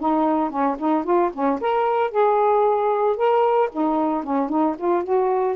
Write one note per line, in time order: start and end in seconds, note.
0.00 0.50 D#4
0.50 0.77 C#4
0.79 1.04 D#4
1.04 1.31 F4
1.33 1.60 C#4
1.61 2.11 A#4
2.11 3.17 G#4
3.17 3.70 A#4
3.72 4.24 D#4
4.24 4.49 C#4
4.49 4.76 D#4
4.78 5.04 F4
5.04 5.56 F#4